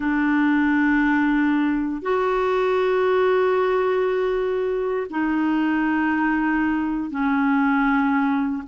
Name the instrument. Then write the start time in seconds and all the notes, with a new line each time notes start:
clarinet
0.00 D4
2.02 F#4
5.09 D#4
7.10 C#4